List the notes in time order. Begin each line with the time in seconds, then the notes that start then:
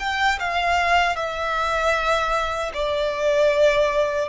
0.00 G5
0.40 F5
1.16 E5
2.74 D5